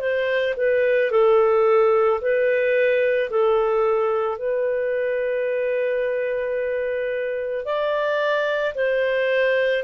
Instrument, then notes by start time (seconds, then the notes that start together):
clarinet
0.00 C5
0.57 B4
1.12 A4
2.21 B4
3.31 A4
4.38 B4
7.65 D5
8.75 C5